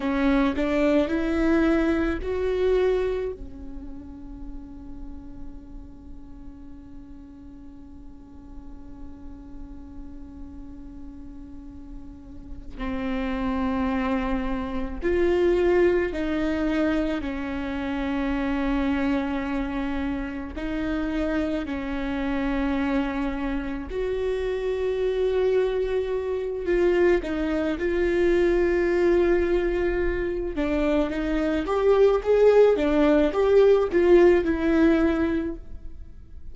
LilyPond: \new Staff \with { instrumentName = "viola" } { \time 4/4 \tempo 4 = 54 cis'8 d'8 e'4 fis'4 cis'4~ | cis'1~ | cis'2.~ cis'8 c'8~ | c'4. f'4 dis'4 cis'8~ |
cis'2~ cis'8 dis'4 cis'8~ | cis'4. fis'2~ fis'8 | f'8 dis'8 f'2~ f'8 d'8 | dis'8 g'8 gis'8 d'8 g'8 f'8 e'4 | }